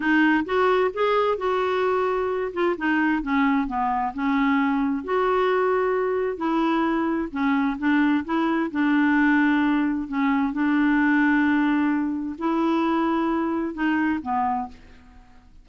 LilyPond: \new Staff \with { instrumentName = "clarinet" } { \time 4/4 \tempo 4 = 131 dis'4 fis'4 gis'4 fis'4~ | fis'4. f'8 dis'4 cis'4 | b4 cis'2 fis'4~ | fis'2 e'2 |
cis'4 d'4 e'4 d'4~ | d'2 cis'4 d'4~ | d'2. e'4~ | e'2 dis'4 b4 | }